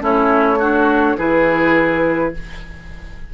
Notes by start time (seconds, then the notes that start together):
0.00 A3 C#4 E4 C#5
0.58 D4 F#4
1.17 E3 E4 G#4 B4